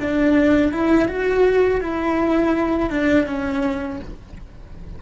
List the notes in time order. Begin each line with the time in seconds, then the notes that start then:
0.00 D4
0.72 E4
1.08 F#4
1.81 E4
2.90 D4
3.26 C#4